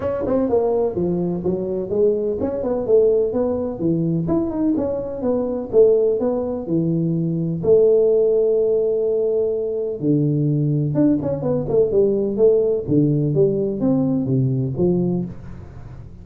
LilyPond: \new Staff \with { instrumentName = "tuba" } { \time 4/4 \tempo 4 = 126 cis'8 c'8 ais4 f4 fis4 | gis4 cis'8 b8 a4 b4 | e4 e'8 dis'8 cis'4 b4 | a4 b4 e2 |
a1~ | a4 d2 d'8 cis'8 | b8 a8 g4 a4 d4 | g4 c'4 c4 f4 | }